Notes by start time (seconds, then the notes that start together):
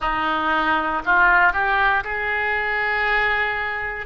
0.00 D#4
1.04 F4
1.53 G4
2.03 G#4